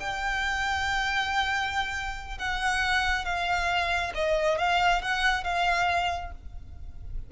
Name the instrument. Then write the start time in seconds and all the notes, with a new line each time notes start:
violin
0.00 G5
2.38 F#5
3.25 F5
4.15 D#5
4.58 F5
5.02 F#5
5.44 F5